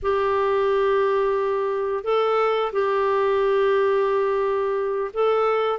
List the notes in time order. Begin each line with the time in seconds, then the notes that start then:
0.02 G4
2.03 A4
2.72 G4
5.13 A4